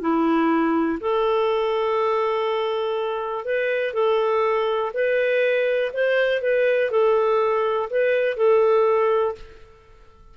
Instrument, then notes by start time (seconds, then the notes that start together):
clarinet
0.00 E4
1.00 A4
3.44 B4
3.93 A4
4.93 B4
5.93 C5
6.41 B4
6.91 A4
7.90 B4
8.37 A4